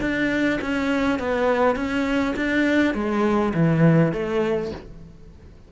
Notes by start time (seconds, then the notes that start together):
0.00 D4
0.61 C#4
1.18 B3
1.76 C#4
2.36 D4
2.94 G#3
3.53 E3
4.12 A3